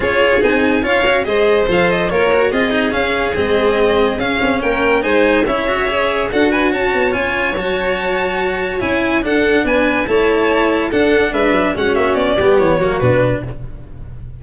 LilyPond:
<<
  \new Staff \with { instrumentName = "violin" } { \time 4/4 \tempo 4 = 143 cis''4 gis''4 f''4 dis''4 | f''8 dis''8 cis''4 dis''4 f''4 | dis''2 f''4 g''4 | gis''4 e''2 fis''8 gis''8 |
a''4 gis''4 a''2~ | a''4 gis''4 fis''4 gis''4 | a''2 fis''4 e''4 | fis''8 e''8 d''4 cis''4 b'4 | }
  \new Staff \with { instrumentName = "violin" } { \time 4/4 gis'2 cis''4 c''4~ | c''4 ais'4 gis'2~ | gis'2. ais'4 | c''4 cis''2 a'8 b'8 |
cis''1~ | cis''2 a'4 b'4 | cis''2 a'4 b'4 | fis'4. g'4 fis'4. | }
  \new Staff \with { instrumentName = "cello" } { \time 4/4 f'4 dis'4 f'8 fis'8 gis'4 | a'4 f'8 fis'8 f'8 dis'8 cis'4 | c'2 cis'2 | dis'4 e'8 fis'8 gis'4 fis'4~ |
fis'4 f'4 fis'2~ | fis'4 e'4 d'2 | e'2 d'2 | cis'4. b4 ais8 d'4 | }
  \new Staff \with { instrumentName = "tuba" } { \time 4/4 cis'4 c'4 cis'4 gis4 | f4 ais4 c'4 cis'4 | gis2 cis'8 c'8 ais4 | gis4 cis'2 d'4 |
cis'8 b8 cis'4 fis2~ | fis4 cis'4 d'4 b4 | a2 d'4 gis8 fis8 | gis8 ais8 b8 g8 e8 fis8 b,4 | }
>>